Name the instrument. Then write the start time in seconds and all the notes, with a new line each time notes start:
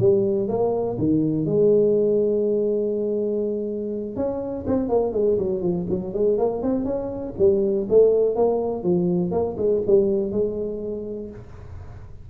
tuba
0.00 G3
0.49 A#3
0.99 D#3
1.46 G#3
4.16 C#4
4.67 C4
4.89 A#3
5.13 G#3
5.39 F#3
5.62 F3
5.90 F#3
6.14 G#3
6.39 A#3
6.63 C4
6.86 C#4
7.39 G3
7.90 A3
8.36 A#3
8.84 F3
9.32 A#3
9.57 G#3
9.87 G3
10.32 G#3